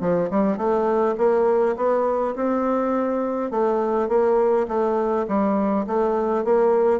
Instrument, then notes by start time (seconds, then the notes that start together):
bassoon
0.00 F3
0.30 G3
0.57 A3
1.17 A#3
1.76 B3
2.35 C4
3.51 A3
4.08 A#3
4.68 A3
5.27 G3
5.86 A3
6.44 A#3